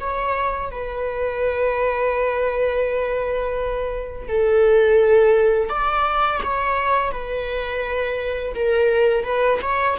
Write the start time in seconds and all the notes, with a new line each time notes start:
0.00 C#5
0.71 B4
4.28 A4
5.69 D5
6.44 C#5
7.12 B4
8.55 A#4
9.24 B4
9.62 C#5